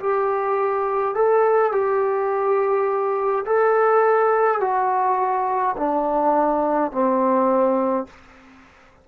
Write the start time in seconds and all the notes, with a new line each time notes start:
0.00 G4
1.15 A4
1.73 G4
3.46 A4
4.61 F#4
5.77 D4
6.92 C4